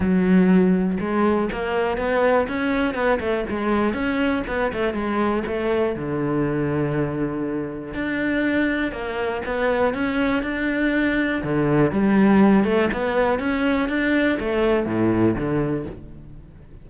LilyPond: \new Staff \with { instrumentName = "cello" } { \time 4/4 \tempo 4 = 121 fis2 gis4 ais4 | b4 cis'4 b8 a8 gis4 | cis'4 b8 a8 gis4 a4 | d1 |
d'2 ais4 b4 | cis'4 d'2 d4 | g4. a8 b4 cis'4 | d'4 a4 a,4 d4 | }